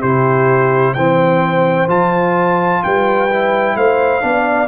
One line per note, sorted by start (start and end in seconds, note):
0.00 0.96 C3
0.00 0.97 E4
0.00 0.94 G4
0.00 0.94 C5
0.94 1.88 E3
0.94 1.88 C4
0.94 2.83 C5
0.94 1.88 G5
1.88 2.82 F3
1.88 3.29 F4
1.88 2.84 A5
2.84 3.76 G3
2.84 3.77 B4
2.84 3.77 G5
3.30 4.21 E4
3.76 4.22 A3
3.76 4.23 C5
3.76 4.68 F5
4.21 4.68 B3
4.21 4.68 D4
4.21 4.68 D5